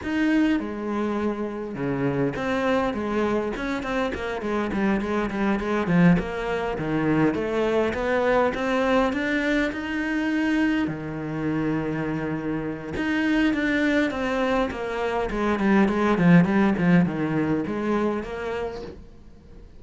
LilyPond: \new Staff \with { instrumentName = "cello" } { \time 4/4 \tempo 4 = 102 dis'4 gis2 cis4 | c'4 gis4 cis'8 c'8 ais8 gis8 | g8 gis8 g8 gis8 f8 ais4 dis8~ | dis8 a4 b4 c'4 d'8~ |
d'8 dis'2 dis4.~ | dis2 dis'4 d'4 | c'4 ais4 gis8 g8 gis8 f8 | g8 f8 dis4 gis4 ais4 | }